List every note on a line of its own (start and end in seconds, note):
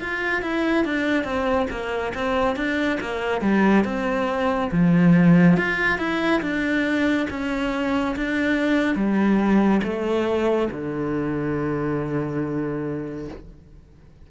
0.00 0.42 F4
0.42 0.85 E4
0.85 1.24 D4
1.24 1.67 C4
1.71 2.14 A#3
2.15 2.56 C4
2.56 2.99 D4
3.01 3.42 A#3
3.42 3.85 G3
3.85 4.70 C4
4.72 5.57 F3
5.57 5.99 F4
5.99 6.42 E4
6.42 7.27 D4
7.30 8.16 C#4
8.16 8.96 D4
8.96 9.81 G3
9.83 10.69 A3
10.71 13.29 D3